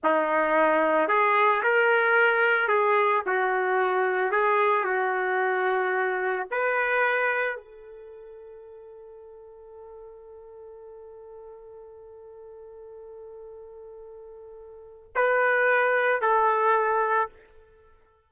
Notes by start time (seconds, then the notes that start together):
0.03 D#4
1.08 G#4
1.63 A#4
2.68 G#4
3.26 F#4
4.31 G#4
4.84 F#4
6.50 B4
7.55 A4
15.15 B4
16.21 A4